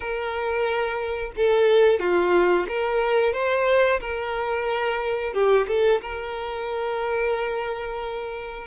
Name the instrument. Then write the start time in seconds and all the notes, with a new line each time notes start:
violin
0.00 A#4
1.36 A4
1.99 F4
2.68 A#4
3.33 C5
4.00 A#4
5.33 G4
5.67 A4
6.01 A#4